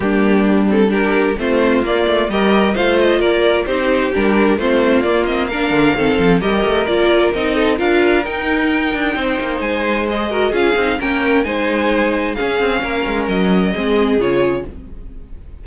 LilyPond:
<<
  \new Staff \with { instrumentName = "violin" } { \time 4/4 \tempo 4 = 131 g'4. a'8 ais'4 c''4 | d''4 dis''4 f''8 dis''8 d''4 | c''4 ais'4 c''4 d''8 dis''8 | f''2 dis''4 d''4 |
dis''4 f''4 g''2~ | g''4 gis''4 dis''4 f''4 | g''4 gis''2 f''4~ | f''4 dis''2 cis''4 | }
  \new Staff \with { instrumentName = "violin" } { \time 4/4 d'2 g'4 f'4~ | f'4 ais'4 c''4 ais'4 | g'2 f'2 | ais'4 a'4 ais'2~ |
ais'8 a'8 ais'2. | c''2~ c''8 ais'8 gis'4 | ais'4 c''2 gis'4 | ais'2 gis'2 | }
  \new Staff \with { instrumentName = "viola" } { \time 4/4 ais4. c'8 d'4 c'4 | ais4 g'4 f'2 | dis'4 d'4 c'4 ais8 c'8 | d'4 c'4 g'4 f'4 |
dis'4 f'4 dis'2~ | dis'2 gis'8 fis'8 f'8 dis'8 | cis'4 dis'2 cis'4~ | cis'2 c'4 f'4 | }
  \new Staff \with { instrumentName = "cello" } { \time 4/4 g2. a4 | ais8 a8 g4 a4 ais4 | c'4 g4 a4 ais4~ | ais8 d8 dis8 f8 g8 a8 ais4 |
c'4 d'4 dis'4. d'8 | c'8 ais8 gis2 cis'8 c'8 | ais4 gis2 cis'8 c'8 | ais8 gis8 fis4 gis4 cis4 | }
>>